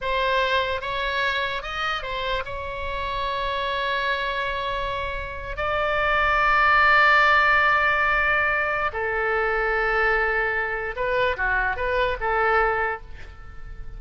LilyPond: \new Staff \with { instrumentName = "oboe" } { \time 4/4 \tempo 4 = 148 c''2 cis''2 | dis''4 c''4 cis''2~ | cis''1~ | cis''4.~ cis''16 d''2~ d''16~ |
d''1~ | d''2 a'2~ | a'2. b'4 | fis'4 b'4 a'2 | }